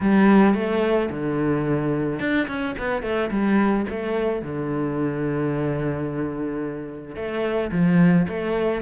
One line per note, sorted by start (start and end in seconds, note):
0.01 0.54 G3
0.54 1.09 A3
1.10 2.19 D3
2.19 2.47 D4
2.47 2.75 C#4
2.78 3.02 B3
3.02 3.30 A3
3.31 3.86 G3
3.89 4.42 A3
4.42 7.15 D3
7.15 7.70 A3
7.71 8.26 F3
8.27 8.81 A3